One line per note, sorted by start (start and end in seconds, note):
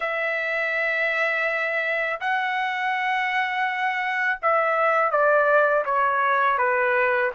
0.00 2.20 E5
2.20 4.40 F#5
4.42 5.11 E5
5.11 5.84 D5
5.85 6.58 C#5
6.58 7.31 B4